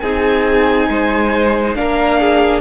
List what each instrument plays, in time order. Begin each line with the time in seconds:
0.00 cello C4, viola D#4, violin G#4 G#5
0.89 cello G#3, violin C5
1.76 cello A#3, viola D4, violin A#4 F5
2.20 violin G#4